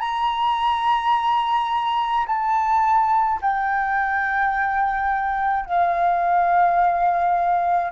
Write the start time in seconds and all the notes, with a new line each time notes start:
0.00 A#5
2.26 A5
3.42 G5
5.66 F5